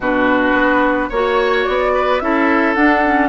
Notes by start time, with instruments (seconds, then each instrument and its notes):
0.00 bassoon B2, clarinet D4, oboe F#4, flute B4
0.53 bassoon B3
1.09 bassoon A#3, clarinet F#4, oboe C#5, flute C#5
1.65 bassoon B3, flute D5
1.94 oboe B4
2.18 bassoon C#4, clarinet E4, oboe A4, flute E5
2.74 clarinet D4, bassoon D4, flute F#5
3.04 clarinet C#4